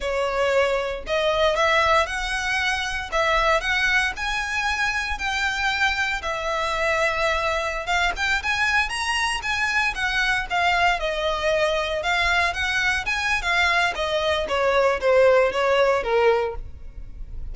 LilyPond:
\new Staff \with { instrumentName = "violin" } { \time 4/4 \tempo 4 = 116 cis''2 dis''4 e''4 | fis''2 e''4 fis''4 | gis''2 g''2 | e''2.~ e''16 f''8 g''16~ |
g''16 gis''4 ais''4 gis''4 fis''8.~ | fis''16 f''4 dis''2 f''8.~ | f''16 fis''4 gis''8. f''4 dis''4 | cis''4 c''4 cis''4 ais'4 | }